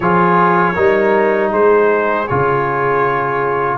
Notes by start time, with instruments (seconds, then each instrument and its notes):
0.00 tuba F3, trombone F4, horn G#4, trumpet C#5
0.73 tuba G3, trombone D#4, horn A#4
1.51 tuba G#3, horn G#4, trumpet C5
2.27 tuba C#3, trombone F4, trumpet C#5